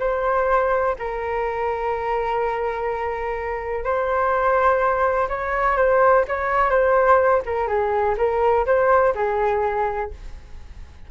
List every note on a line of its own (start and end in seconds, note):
0.00 0.96 C5
0.99 3.84 A#4
3.84 5.28 C5
5.29 5.77 C#5
5.77 6.25 C5
6.28 6.71 C#5
6.71 7.43 C5
7.46 7.68 A#4
7.68 8.16 G#4
8.18 8.66 A#4
8.66 9.14 C5
9.15 10.11 G#4